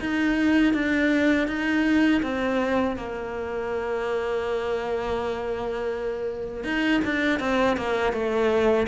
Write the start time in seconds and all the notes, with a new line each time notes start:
0.00 D#4
0.73 D4
1.47 D#4
2.22 C4
2.96 A#3
6.64 D#4
7.04 D4
7.39 C4
7.76 A#3
8.12 A3